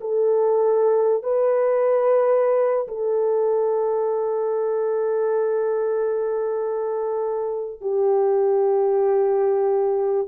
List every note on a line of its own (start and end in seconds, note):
0.00 1.23 A4
1.23 2.87 B4
2.87 7.80 A4
7.80 10.27 G4